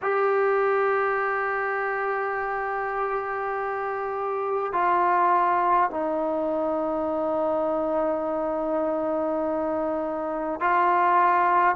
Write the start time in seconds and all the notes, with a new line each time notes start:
0.02 G4
4.73 F4
5.90 D#4
10.60 F4